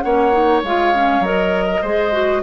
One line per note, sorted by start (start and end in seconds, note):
0.00 0.63 A#3
0.00 0.32 C#4
0.00 1.65 C#5
0.00 0.60 F#5
0.32 0.62 D#4
0.63 1.20 G#3
0.63 0.94 F4
0.63 1.24 F5
0.94 1.24 C#4
1.20 1.79 F#3
1.20 1.84 A#4
1.20 2.43 D#5
1.65 1.80 A#4
1.81 2.42 G#3
1.81 2.12 G#4
1.81 2.42 C5
2.12 2.42 F#4